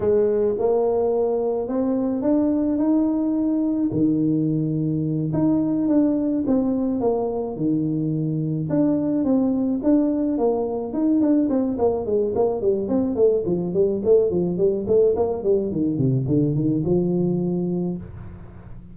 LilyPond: \new Staff \with { instrumentName = "tuba" } { \time 4/4 \tempo 4 = 107 gis4 ais2 c'4 | d'4 dis'2 dis4~ | dis4. dis'4 d'4 c'8~ | c'8 ais4 dis2 d'8~ |
d'8 c'4 d'4 ais4 dis'8 | d'8 c'8 ais8 gis8 ais8 g8 c'8 a8 | f8 g8 a8 f8 g8 a8 ais8 g8 | dis8 c8 d8 dis8 f2 | }